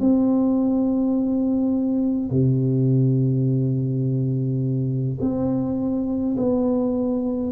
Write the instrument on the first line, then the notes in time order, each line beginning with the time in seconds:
tuba
0.00 C4
2.31 C3
5.21 C4
6.37 B3